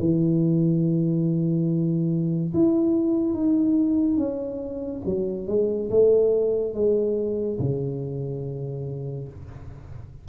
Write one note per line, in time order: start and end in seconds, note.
0.00 2.54 E3
2.54 3.34 E4
3.34 4.18 D#4
4.18 5.02 C#4
5.06 5.48 F#3
5.48 5.90 G#3
5.90 6.75 A3
6.75 7.59 G#3
7.59 9.28 C#3